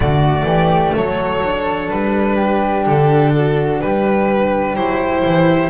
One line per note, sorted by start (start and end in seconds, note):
0.00 0.43 D3
0.00 1.43 A3
0.00 0.45 F#4
0.00 0.95 D5
0.43 0.91 E3
0.43 0.93 G4
0.95 1.91 F#3
0.95 2.36 A4
0.95 1.89 C#5
1.44 4.75 D4
1.89 2.86 G3
1.89 2.85 B4
2.36 3.31 G4
2.86 3.81 D3
2.86 3.81 A4
3.34 3.82 F#4
3.81 4.76 G3
3.81 5.69 G4
3.81 4.75 B4
4.75 5.24 F#3
4.75 5.69 E4
4.75 5.69 C5
5.24 5.69 E3